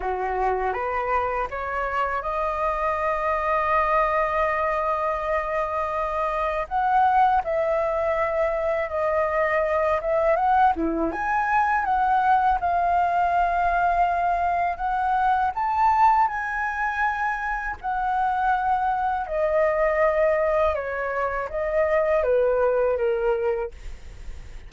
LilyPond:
\new Staff \with { instrumentName = "flute" } { \time 4/4 \tempo 4 = 81 fis'4 b'4 cis''4 dis''4~ | dis''1~ | dis''4 fis''4 e''2 | dis''4. e''8 fis''8 e'8 gis''4 |
fis''4 f''2. | fis''4 a''4 gis''2 | fis''2 dis''2 | cis''4 dis''4 b'4 ais'4 | }